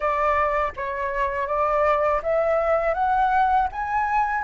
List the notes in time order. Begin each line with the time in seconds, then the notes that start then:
0.00 D5
0.76 C#5
1.47 D5
2.23 E5
2.94 F#5
3.72 G#5